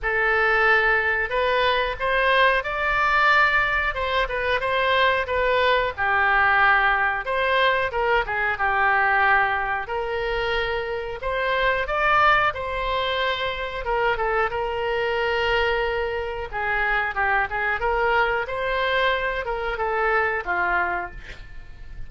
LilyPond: \new Staff \with { instrumentName = "oboe" } { \time 4/4 \tempo 4 = 91 a'2 b'4 c''4 | d''2 c''8 b'8 c''4 | b'4 g'2 c''4 | ais'8 gis'8 g'2 ais'4~ |
ais'4 c''4 d''4 c''4~ | c''4 ais'8 a'8 ais'2~ | ais'4 gis'4 g'8 gis'8 ais'4 | c''4. ais'8 a'4 f'4 | }